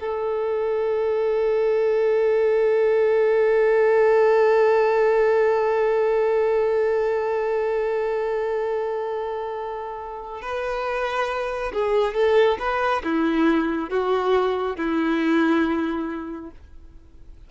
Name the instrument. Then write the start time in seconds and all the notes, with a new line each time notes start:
violin
0.00 A4
10.42 B4
11.73 G#4
12.14 A4
12.59 B4
13.04 E4
13.89 F#4
14.76 E4